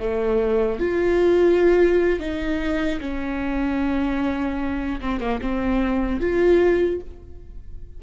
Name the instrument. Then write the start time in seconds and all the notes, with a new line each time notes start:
viola
0.00 A3
0.80 F4
2.20 D#4
3.01 C#4
5.01 C4
5.20 A#3
5.41 C4
6.21 F4